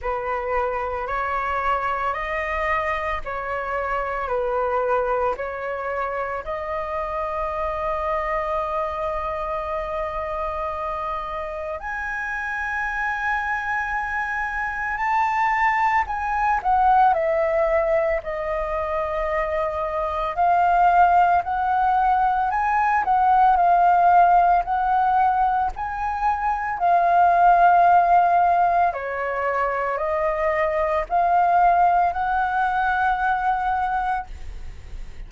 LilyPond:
\new Staff \with { instrumentName = "flute" } { \time 4/4 \tempo 4 = 56 b'4 cis''4 dis''4 cis''4 | b'4 cis''4 dis''2~ | dis''2. gis''4~ | gis''2 a''4 gis''8 fis''8 |
e''4 dis''2 f''4 | fis''4 gis''8 fis''8 f''4 fis''4 | gis''4 f''2 cis''4 | dis''4 f''4 fis''2 | }